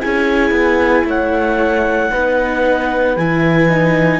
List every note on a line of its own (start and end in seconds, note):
0.00 0.51 C#4
0.00 2.11 E4
0.00 1.07 G#4
0.00 1.05 G#5
0.51 1.04 B3
1.05 2.10 A3
1.05 2.12 C#5
1.05 3.17 F#5
2.11 3.17 B3
2.11 3.16 D#4
2.11 4.20 B4
3.17 4.20 E3
3.17 3.69 E4
3.17 4.20 G#5
3.69 4.20 D#4